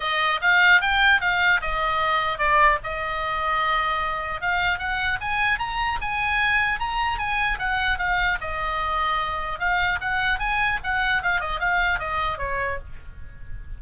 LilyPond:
\new Staff \with { instrumentName = "oboe" } { \time 4/4 \tempo 4 = 150 dis''4 f''4 g''4 f''4 | dis''2 d''4 dis''4~ | dis''2. f''4 | fis''4 gis''4 ais''4 gis''4~ |
gis''4 ais''4 gis''4 fis''4 | f''4 dis''2. | f''4 fis''4 gis''4 fis''4 | f''8 dis''8 f''4 dis''4 cis''4 | }